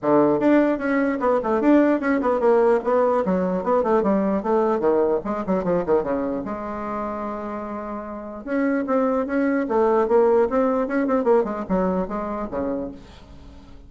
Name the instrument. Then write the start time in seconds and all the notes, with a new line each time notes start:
bassoon
0.01 D3
0.39 D4
0.78 C#4
1.20 B3
1.43 A3
1.61 D4
2.00 C#4
2.21 B3
2.39 A#3
2.84 B3
3.25 F#3
3.63 B3
3.83 A3
4.02 G3
4.42 A3
4.79 D#3
5.24 G#3
5.46 F#3
5.64 F3
5.86 D#3
6.03 C#3
6.44 G#3
8.44 C#4
8.86 C4
9.26 C#4
9.68 A3
10.08 A#3
10.49 C4
10.87 C#4
11.07 C4
11.24 A#3
11.44 G#3
11.68 F#3
12.08 G#3
12.50 C#3